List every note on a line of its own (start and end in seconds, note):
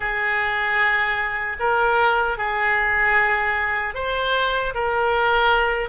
0.00 1.56 G#4
1.59 2.37 A#4
2.37 3.94 G#4
3.94 4.73 C5
4.74 5.89 A#4